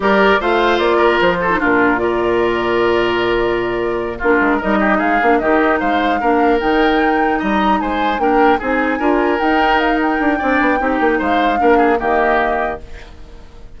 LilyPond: <<
  \new Staff \with { instrumentName = "flute" } { \time 4/4 \tempo 4 = 150 d''4 f''4 d''4 c''4 | ais'4 d''2.~ | d''2~ d''8 ais'4 dis''8~ | dis''8 f''4 dis''4 f''4.~ |
f''8 g''2 ais''4 gis''8~ | gis''8 g''4 gis''2 g''8~ | g''8 f''8 g''2. | f''2 dis''2 | }
  \new Staff \with { instrumentName = "oboe" } { \time 4/4 ais'4 c''4. ais'4 a'8 | f'4 ais'2.~ | ais'2~ ais'8 f'4 ais'8 | g'8 gis'4 g'4 c''4 ais'8~ |
ais'2~ ais'8 dis''4 c''8~ | c''8 ais'4 gis'4 ais'4.~ | ais'2 d''4 g'4 | c''4 ais'8 gis'8 g'2 | }
  \new Staff \with { instrumentName = "clarinet" } { \time 4/4 g'4 f'2~ f'8. dis'16 | d'4 f'2.~ | f'2~ f'8 d'4 dis'8~ | dis'4 d'8 dis'2 d'8~ |
d'8 dis'2.~ dis'8~ | dis'8 d'4 dis'4 f'4 dis'8~ | dis'2 d'4 dis'4~ | dis'4 d'4 ais2 | }
  \new Staff \with { instrumentName = "bassoon" } { \time 4/4 g4 a4 ais4 f4 | ais,1~ | ais,2~ ais,8 ais8 gis8 g8~ | g8 gis8 ais8 dis4 gis4 ais8~ |
ais8 dis2 g4 gis8~ | gis8 ais4 c'4 d'4 dis'8~ | dis'4. d'8 c'8 b8 c'8 ais8 | gis4 ais4 dis2 | }
>>